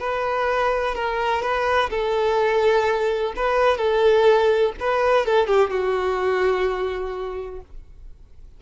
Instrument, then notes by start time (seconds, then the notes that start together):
violin
0.00 B4
0.95 A#4
1.42 B4
1.90 A4
3.36 B4
3.77 A4
4.80 B4
5.26 A4
5.47 G4
5.70 F#4